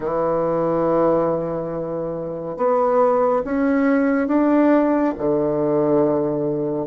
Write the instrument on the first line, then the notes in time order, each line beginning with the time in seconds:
bassoon
0.00 E3
2.56 B3
3.44 C#4
4.27 D4
5.17 D3